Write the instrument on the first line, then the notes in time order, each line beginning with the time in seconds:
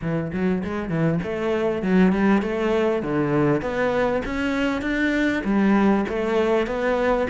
cello
0.01 E3
0.33 F#3
0.64 G#3
0.89 E3
1.23 A3
1.82 F#3
2.12 G3
2.42 A3
3.02 D3
3.61 B3
4.25 C#4
4.81 D4
5.44 G3
6.09 A3
6.66 B3